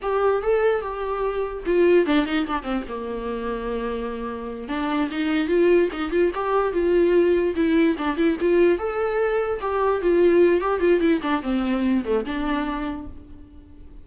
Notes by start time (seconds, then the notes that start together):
0.01 G4
0.42 A4
0.81 G4
1.65 F4
2.06 D4
2.25 D#4
2.46 D4
2.62 C4
2.88 A#3
4.68 D4
5.10 D#4
5.47 F4
5.92 D#4
6.11 F4
6.35 G4
6.73 F4
7.55 E4
7.97 D4
8.16 E4
8.40 F4
8.78 A4
9.60 G4
10.01 F4
10.60 G4
10.80 F4
11.00 E4
11.22 D4
11.42 C4
12.04 A3
12.25 D4